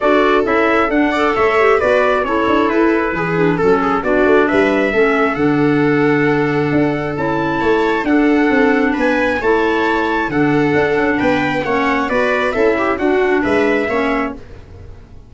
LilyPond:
<<
  \new Staff \with { instrumentName = "trumpet" } { \time 4/4 \tempo 4 = 134 d''4 e''4 fis''4 e''4 | d''4 cis''4 b'2 | a'4 d''4 e''2 | fis''1 |
a''2 fis''2 | gis''4 a''2 fis''4~ | fis''4 g''4 fis''4 d''4 | e''4 fis''4 e''2 | }
  \new Staff \with { instrumentName = "viola" } { \time 4/4 a'2~ a'8 d''8 cis''4 | b'4 a'2 gis'4 | a'8 gis'8 fis'4 b'4 a'4~ | a'1~ |
a'4 cis''4 a'2 | b'4 cis''2 a'4~ | a'4 b'4 cis''4 b'4 | a'8 g'8 fis'4 b'4 cis''4 | }
  \new Staff \with { instrumentName = "clarinet" } { \time 4/4 fis'4 e'4 d'8 a'4 g'8 | fis'4 e'2~ e'8 d'8 | cis'4 d'2 cis'4 | d'1 |
e'2 d'2~ | d'4 e'2 d'4~ | d'2 cis'4 fis'4 | e'4 d'2 cis'4 | }
  \new Staff \with { instrumentName = "tuba" } { \time 4/4 d'4 cis'4 d'4 a4 | b4 cis'8 d'8 e'4 e4 | fis4 b8 a8 g4 a4 | d2. d'4 |
cis'4 a4 d'4 c'4 | b4 a2 d4 | d'8 cis'8 b4 ais4 b4 | cis'4 d'4 gis4 ais4 | }
>>